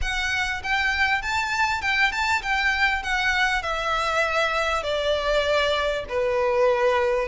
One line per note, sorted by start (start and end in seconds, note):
0.01 0.62 F#5
0.63 1.21 G5
1.21 1.81 A5
1.81 2.12 G5
2.12 2.42 A5
2.42 3.02 G5
3.02 3.62 F#5
3.62 4.83 E5
4.83 6.04 D5
6.09 7.28 B4